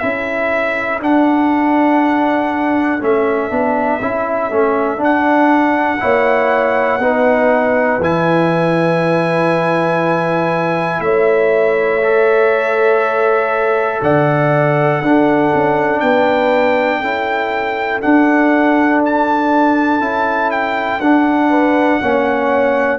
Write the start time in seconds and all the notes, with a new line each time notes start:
0.00 C#4 E4 A4 E5
1.01 D4 F#5
3.01 A3 C#4 E5
3.51 B3 D4
4.02 C#4 E4
4.51 A3 C#4
4.98 D4
5.04 F#5
6.00 A#3 E4 C#5
6.99 B3 D#4 B4
7.99 E3 E4 G#5
11.00 A3 C#5 E5
12.03 A4
14.02 D3 D5 F#5
15.02 D4 A4
15.55 C#4
16.00 B3 B4 G5
17.00 C#4 E4 A4
18.02 D4 F#5
19.06 A5
20.00 C#4 E4
20.52 G5
21.00 D4 F#5
21.50 B4
22.02 A#3 C#4 C#5